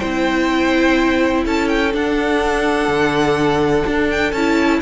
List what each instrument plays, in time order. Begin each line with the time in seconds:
0.00 cello C4, viola E4, violin C5 G5
1.45 cello C#4, violin A4 A5
1.68 violin G5
1.92 viola D4, cello D4, violin F#5
2.88 cello D3
3.87 cello D4
4.11 violin G5
4.32 cello C#4, viola E4, violin A5